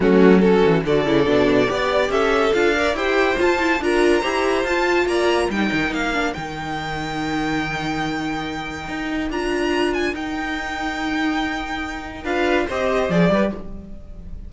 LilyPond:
<<
  \new Staff \with { instrumentName = "violin" } { \time 4/4 \tempo 4 = 142 fis'4 a'4 d''2~ | d''4 e''4 f''4 g''4 | a''4 ais''2 a''4 | ais''4 g''4 f''4 g''4~ |
g''1~ | g''2 ais''4. gis''8 | g''1~ | g''4 f''4 dis''4 d''4 | }
  \new Staff \with { instrumentName = "violin" } { \time 4/4 cis'4 fis'4 a'2 | d''4 a'4. d''8 c''4~ | c''4 ais'4 c''2 | d''4 ais'2.~ |
ais'1~ | ais'1~ | ais'1~ | ais'4 b'4 c''4. b'8 | }
  \new Staff \with { instrumentName = "viola" } { \time 4/4 a4 cis'4 fis'8 e'8 d'4 | g'2 f'8 ais'8 g'4 | f'8 e'8 f'4 g'4 f'4~ | f'4 dis'4. d'8 dis'4~ |
dis'1~ | dis'2 f'2 | dis'1~ | dis'4 f'4 g'4 gis'8 g'8 | }
  \new Staff \with { instrumentName = "cello" } { \time 4/4 fis4. e8 d8 cis8 b,4 | b4 cis'4 d'4 e'4 | f'4 d'4 e'4 f'4 | ais4 g8 dis8 ais4 dis4~ |
dis1~ | dis4 dis'4 d'2 | dis'1~ | dis'4 d'4 c'4 f8 g8 | }
>>